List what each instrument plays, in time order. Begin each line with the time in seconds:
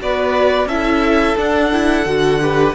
0.00 cello B3, viola F#4, violin B4 D5
0.66 cello C#4, viola E4, violin A4 E5
1.37 viola D4, cello D4, violin F#5
1.72 viola E4
2.06 cello D3, viola F#4
2.42 viola G4, violin B4